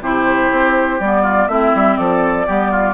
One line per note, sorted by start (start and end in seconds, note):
0.00 0.49 C3
0.00 1.01 E4
0.00 1.23 G4
0.00 1.00 C5
0.51 1.00 C4
1.00 1.48 G3
1.00 1.50 B3
1.00 1.48 D5
1.23 1.47 F4
1.48 1.72 A3
1.48 2.46 C4
1.48 1.98 E4
1.48 1.97 E5
1.74 1.98 G3
1.97 2.47 F3
1.97 2.47 A4
1.97 2.94 D5
2.46 2.94 G3
2.46 2.94 B3
2.46 2.71 G4
2.71 2.94 F4